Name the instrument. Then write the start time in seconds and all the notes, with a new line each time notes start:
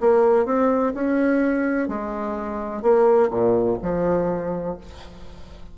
bassoon
0.00 A#3
0.45 C4
0.94 C#4
1.88 G#3
2.82 A#3
3.30 A#2
3.82 F3